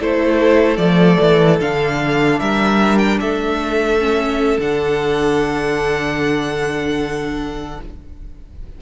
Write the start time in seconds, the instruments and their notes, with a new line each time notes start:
0.00 cello A3, viola E4, violin A4 C5
0.77 cello F3, viola A3, violin D5
1.21 cello E3
1.61 cello D3, viola D4, violin F5
2.40 cello G3, violin A#4 E5
2.99 violin G5
3.21 cello A3, violin A4 E5
4.00 viola C#4
4.59 cello D3, viola D4, violin F#5